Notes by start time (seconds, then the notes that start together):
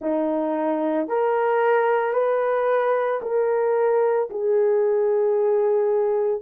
0.01 D#4
1.08 A#4
2.13 B4
3.21 A#4
4.30 G#4